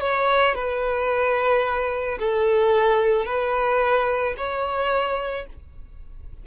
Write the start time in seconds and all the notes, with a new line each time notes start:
0.00 C#5
0.55 B4
2.19 A4
3.25 B4
4.37 C#5